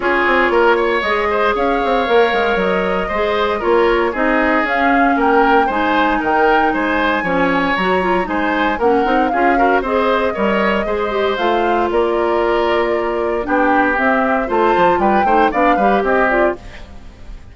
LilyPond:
<<
  \new Staff \with { instrumentName = "flute" } { \time 4/4 \tempo 4 = 116 cis''2 dis''4 f''4~ | f''4 dis''2 cis''4 | dis''4 f''4 g''4 gis''4 | g''4 gis''2 ais''4 |
gis''4 fis''4 f''4 dis''4~ | dis''2 f''4 d''4~ | d''2 g''4 e''4 | a''4 g''4 f''4 dis''8 d''8 | }
  \new Staff \with { instrumentName = "oboe" } { \time 4/4 gis'4 ais'8 cis''4 c''8 cis''4~ | cis''2 c''4 ais'4 | gis'2 ais'4 c''4 | ais'4 c''4 cis''2 |
c''4 ais'4 gis'8 ais'8 c''4 | cis''4 c''2 ais'4~ | ais'2 g'2 | c''4 b'8 c''8 d''8 b'8 g'4 | }
  \new Staff \with { instrumentName = "clarinet" } { \time 4/4 f'2 gis'2 | ais'2 gis'4 f'4 | dis'4 cis'2 dis'4~ | dis'2 cis'4 fis'8 f'8 |
dis'4 cis'8 dis'8 f'8 fis'8 gis'4 | ais'4 gis'8 g'8 f'2~ | f'2 d'4 c'4 | f'4. dis'8 d'8 g'4 f'8 | }
  \new Staff \with { instrumentName = "bassoon" } { \time 4/4 cis'8 c'8 ais4 gis4 cis'8 c'8 | ais8 gis8 fis4 gis4 ais4 | c'4 cis'4 ais4 gis4 | dis4 gis4 f4 fis4 |
gis4 ais8 c'8 cis'4 c'4 | g4 gis4 a4 ais4~ | ais2 b4 c'4 | a8 f8 g8 a8 b8 g8 c'4 | }
>>